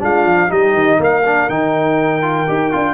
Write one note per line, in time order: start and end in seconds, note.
0.00 0.26 G#3
0.00 0.49 D4
0.00 0.50 F4
0.00 0.52 F5
0.26 0.50 F3
0.49 0.75 G3
0.49 1.23 D#4
0.49 0.99 G4
0.49 1.01 D#5
0.75 0.99 D#3
1.00 1.49 A#3
1.00 2.94 A#4
1.00 1.50 F5
1.25 1.50 D4
1.50 2.48 D#3
1.50 2.22 D#4
1.50 2.94 G5
2.22 2.47 F4
2.48 2.74 D#4
2.48 2.72 G4
2.72 2.94 D4
2.72 2.94 F4